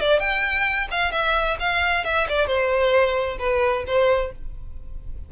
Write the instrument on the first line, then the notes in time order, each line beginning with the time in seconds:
violin
0.00 D5
0.20 G5
0.91 F5
1.12 E5
1.60 F5
2.04 E5
2.29 D5
2.47 C5
3.39 B4
3.87 C5